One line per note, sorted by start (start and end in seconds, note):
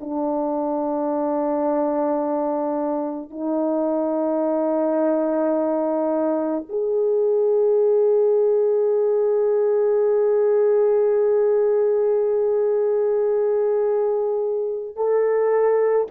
0.00 3.30 D4
3.30 6.64 D#4
6.69 14.96 G#4
14.96 16.07 A4